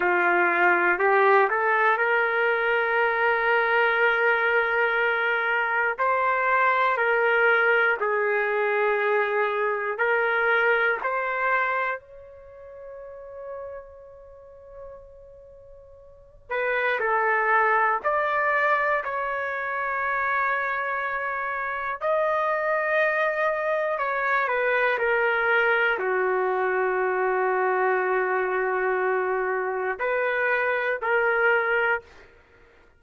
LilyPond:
\new Staff \with { instrumentName = "trumpet" } { \time 4/4 \tempo 4 = 60 f'4 g'8 a'8 ais'2~ | ais'2 c''4 ais'4 | gis'2 ais'4 c''4 | cis''1~ |
cis''8 b'8 a'4 d''4 cis''4~ | cis''2 dis''2 | cis''8 b'8 ais'4 fis'2~ | fis'2 b'4 ais'4 | }